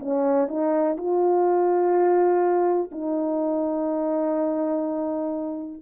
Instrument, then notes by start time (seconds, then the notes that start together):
horn
0.00 C#4
0.48 D#4
0.98 F4
2.92 D#4